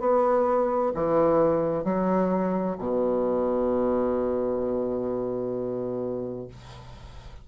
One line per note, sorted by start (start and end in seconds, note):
0.00 0.92 B3
0.95 1.84 E3
1.84 2.77 F#3
2.79 6.48 B2